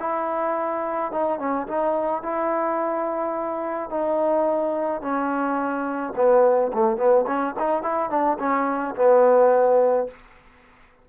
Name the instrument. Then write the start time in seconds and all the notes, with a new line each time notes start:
trombone
0.00 E4
1.12 D#4
1.39 C#4
1.67 D#4
2.23 E4
3.90 D#4
5.01 C#4
6.16 B3
6.73 A3
6.97 B3
7.27 C#4
7.59 D#4
7.82 E4
8.10 D4
8.39 C#4
8.95 B3